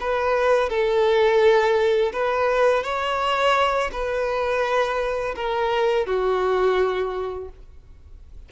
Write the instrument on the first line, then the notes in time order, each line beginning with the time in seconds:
violin
0.00 B4
0.69 A4
2.12 B4
2.83 C#5
3.92 B4
5.35 A#4
6.06 F#4